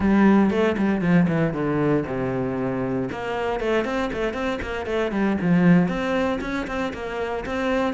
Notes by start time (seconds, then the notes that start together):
0.00 G3
0.50 A3
0.77 G3
1.01 F3
1.28 E3
1.53 D3
2.06 C3
3.11 A#3
3.60 A3
3.85 C4
4.12 A3
4.33 C4
4.61 A#3
4.86 A3
5.11 G3
5.41 F3
5.88 C4
6.41 C#4
6.67 C4
6.93 A#3
7.45 C4